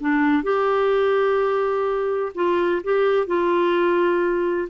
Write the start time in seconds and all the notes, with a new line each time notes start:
0.00 D4
0.43 G4
2.35 F4
2.83 G4
3.26 F4